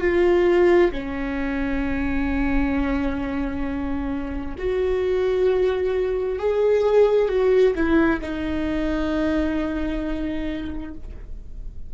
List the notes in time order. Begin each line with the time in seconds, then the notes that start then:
0.00 F4
0.91 C#4
4.58 F#4
6.39 G#4
7.28 F#4
7.74 E4
8.21 D#4